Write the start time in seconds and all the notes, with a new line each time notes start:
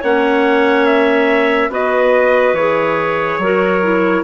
0.00 A#3 C#4 C#5 F#5
0.86 E5
1.69 B3 F#4 B4 D#5
2.53 E3 G#4 C#5
3.39 F#3 F#4 A#4
3.83 E4